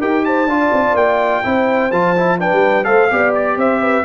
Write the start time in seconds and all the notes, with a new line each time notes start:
0.00 D#4 G4 A#4 G5
0.25 C5 A5
0.47 D4 F4 D5
0.72 C4
0.94 A#3 G5
1.44 C4 E4 C5
1.92 F3 F4 A5
2.17 E4
2.39 D4 B4 G5
2.53 G3
2.84 A3 A4 C5 F5
3.11 B3 G4 D5
3.35 D5
3.57 C4 C5 E5
3.81 B4